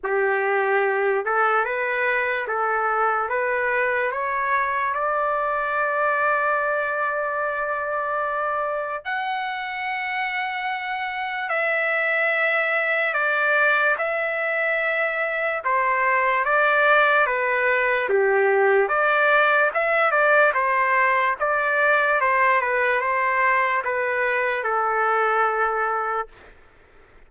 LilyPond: \new Staff \with { instrumentName = "trumpet" } { \time 4/4 \tempo 4 = 73 g'4. a'8 b'4 a'4 | b'4 cis''4 d''2~ | d''2. fis''4~ | fis''2 e''2 |
d''4 e''2 c''4 | d''4 b'4 g'4 d''4 | e''8 d''8 c''4 d''4 c''8 b'8 | c''4 b'4 a'2 | }